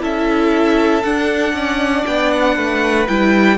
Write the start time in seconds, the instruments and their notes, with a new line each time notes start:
0.00 cello C#4, viola E4, violin A4 E5
1.03 viola D4, cello D4, violin F#5
1.53 cello C#4, violin D5
2.06 cello B3, violin G5
2.31 violin F#5
2.55 cello A3, violin B4
3.07 cello G3, viola E4, violin G5